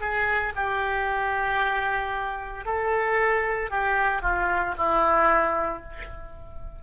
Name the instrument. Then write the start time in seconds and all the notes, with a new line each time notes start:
oboe
0.00 G#4
0.55 G4
2.65 A4
3.70 G4
4.22 F4
4.77 E4